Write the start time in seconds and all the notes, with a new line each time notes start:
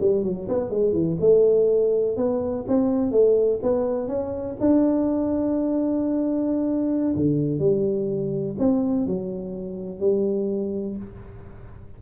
0.00 G3
0.24 F#3
0.49 B3
0.70 G#3
0.93 E3
1.20 A3
2.17 B3
2.68 C4
3.11 A3
3.62 B3
4.08 C#4
4.60 D4
7.16 D3
7.59 G3
8.58 C4
9.06 F#3
10.00 G3